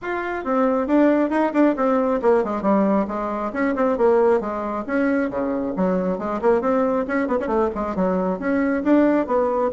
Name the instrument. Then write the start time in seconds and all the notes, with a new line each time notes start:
bassoon
0.02 F4
0.44 C4
0.87 D4
1.30 D#4
1.53 D4
1.76 C4
2.22 A#3
2.44 G#3
2.61 G3
3.07 G#3
3.53 C#4
3.75 C4
3.97 A#3
4.40 G#3
4.86 C#4
5.30 C#3
5.76 F#3
6.18 G#3
6.41 A#3
6.61 C4
7.07 C#4
7.27 B3
7.40 C#4
7.47 A3
7.74 G#3
7.95 F#3
8.39 C#4
8.83 D4
9.26 B3